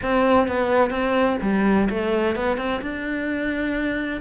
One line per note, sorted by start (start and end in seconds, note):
0.02 0.47 C4
0.47 0.90 B3
0.90 1.37 C4
1.42 1.89 G3
1.89 2.35 A3
2.35 2.57 B3
2.57 2.80 C4
2.81 4.21 D4